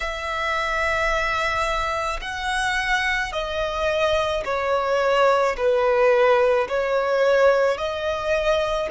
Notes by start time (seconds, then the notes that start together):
0.00 E5
2.21 F#5
3.32 D#5
4.44 C#5
5.56 B4
6.68 C#5
7.77 D#5